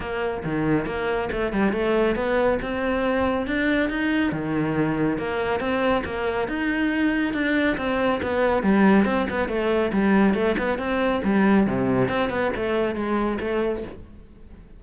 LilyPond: \new Staff \with { instrumentName = "cello" } { \time 4/4 \tempo 4 = 139 ais4 dis4 ais4 a8 g8 | a4 b4 c'2 | d'4 dis'4 dis2 | ais4 c'4 ais4 dis'4~ |
dis'4 d'4 c'4 b4 | g4 c'8 b8 a4 g4 | a8 b8 c'4 g4 c4 | c'8 b8 a4 gis4 a4 | }